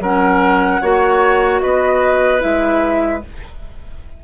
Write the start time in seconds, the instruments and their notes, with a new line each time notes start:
0.00 bassoon F#3, clarinet C#4, oboe A#4, flute F#5
0.82 bassoon A#3, clarinet F#4, oboe C#5
1.61 bassoon B3, oboe B4, flute D#5
2.40 bassoon G#3, clarinet E4, flute E5